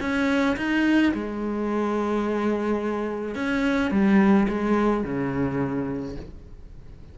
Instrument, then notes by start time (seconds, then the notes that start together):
cello
0.00 C#4
0.56 D#4
1.13 G#3
3.35 C#4
3.91 G3
4.49 G#3
5.03 C#3